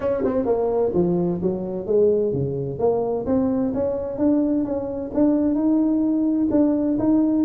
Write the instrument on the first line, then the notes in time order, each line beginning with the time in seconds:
tuba
0.00 C#4
0.24 C4
0.45 A#3
0.94 F3
1.42 F#3
1.86 G#3
2.33 C#3
2.79 A#3
3.26 C4
3.74 C#4
4.18 D4
4.64 C#4
5.14 D4
5.55 D#4
6.51 D4
6.99 D#4